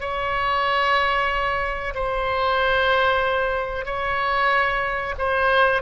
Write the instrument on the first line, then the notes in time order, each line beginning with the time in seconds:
oboe
0.00 C#5
1.94 C5
3.85 C#5
5.18 C5